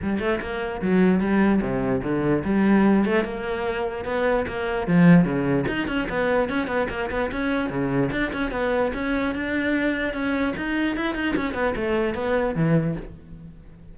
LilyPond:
\new Staff \with { instrumentName = "cello" } { \time 4/4 \tempo 4 = 148 g8 a8 ais4 fis4 g4 | c4 d4 g4. a8 | ais2 b4 ais4 | f4 cis4 dis'8 cis'8 b4 |
cis'8 b8 ais8 b8 cis'4 cis4 | d'8 cis'8 b4 cis'4 d'4~ | d'4 cis'4 dis'4 e'8 dis'8 | cis'8 b8 a4 b4 e4 | }